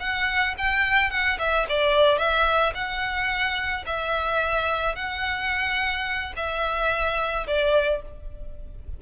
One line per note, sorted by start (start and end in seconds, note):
0.00 0.55 F#5
0.58 1.11 G5
1.11 1.38 F#5
1.39 1.66 E5
1.69 2.18 D5
2.18 2.73 E5
2.75 3.85 F#5
3.86 4.95 E5
4.95 6.33 F#5
6.37 7.47 E5
7.47 8.02 D5